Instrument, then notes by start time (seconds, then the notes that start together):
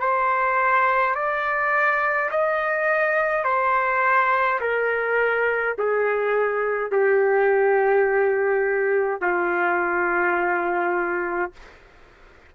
trumpet
0.00 C5
1.15 D5
2.31 D#5
3.45 C5
4.61 A#4
5.78 G#4
6.91 G4
9.22 F4